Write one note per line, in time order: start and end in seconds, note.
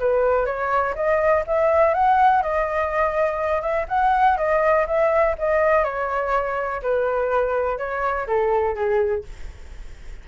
0.00 0.46 B4
0.46 0.95 C#5
0.95 1.44 D#5
1.47 1.94 E5
1.94 2.43 F#5
2.43 3.62 D#5
3.62 3.86 E5
3.89 4.37 F#5
4.37 4.86 D#5
4.87 5.36 E5
5.39 5.84 D#5
5.84 6.82 C#5
6.83 7.78 B4
7.78 8.27 C#5
8.27 8.75 A4
8.75 9.24 G#4